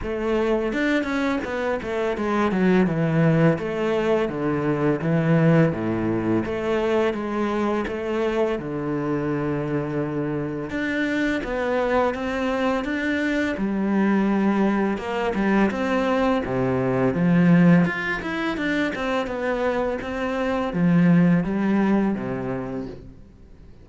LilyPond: \new Staff \with { instrumentName = "cello" } { \time 4/4 \tempo 4 = 84 a4 d'8 cis'8 b8 a8 gis8 fis8 | e4 a4 d4 e4 | a,4 a4 gis4 a4 | d2. d'4 |
b4 c'4 d'4 g4~ | g4 ais8 g8 c'4 c4 | f4 f'8 e'8 d'8 c'8 b4 | c'4 f4 g4 c4 | }